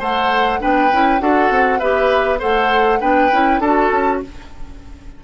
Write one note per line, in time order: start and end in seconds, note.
0.00 0.60 A3
0.00 0.60 A4
0.00 0.60 C5
0.00 0.62 F#5
0.60 0.93 B3
0.60 0.90 D4
0.60 1.22 B4
0.60 1.21 G5
0.93 1.21 C#4
0.93 1.20 E4
1.20 1.51 D4
1.20 1.80 F#4
1.20 1.80 A4
1.20 1.79 F#5
1.51 1.80 C4
1.79 2.42 B3
1.79 2.40 G4
1.79 2.39 B4
1.79 2.40 E5
2.39 3.02 A3
2.39 3.00 A4
2.39 2.99 C5
2.39 3.01 F#5
3.01 3.32 B3
3.01 3.31 D4
3.01 3.61 B4
3.01 3.61 G5
3.32 3.60 C#4
3.32 3.62 E4
3.60 3.90 D4
3.60 4.24 F#4
3.60 4.21 A4
3.60 4.21 A5
3.92 4.22 C#4